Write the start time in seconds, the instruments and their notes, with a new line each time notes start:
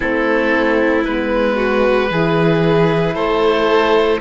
0.00 cello A3, horn C4, violin E4, oboe A4
1.04 cello G#3, horn B3, oboe B4
1.55 violin F#4
2.10 cello E3, horn E4, violin G#4
3.14 cello A3, violin A4, oboe C5